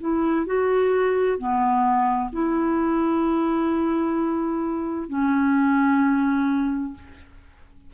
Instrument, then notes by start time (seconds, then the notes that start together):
clarinet
0.00 E4
0.46 F#4
1.38 B3
2.32 E4
5.09 C#4